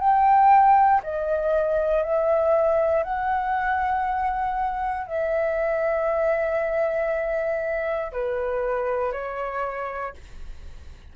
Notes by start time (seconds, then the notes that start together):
0.00 G5
1.04 D#5
2.03 E5
3.04 F#5
5.08 E5
8.13 B4
9.12 C#5